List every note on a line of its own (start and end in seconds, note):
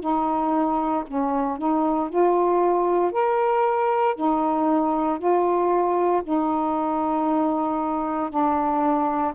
0.00 1.03 D#4
1.07 1.58 C#4
1.58 2.09 D#4
2.09 3.12 F4
3.12 4.15 A#4
4.16 5.19 D#4
5.19 6.22 F4
6.23 8.30 D#4
8.30 9.33 D4